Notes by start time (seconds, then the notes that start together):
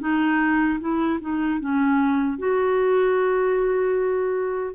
0.00 D#4
0.80 E4
1.21 D#4
1.60 C#4
2.38 F#4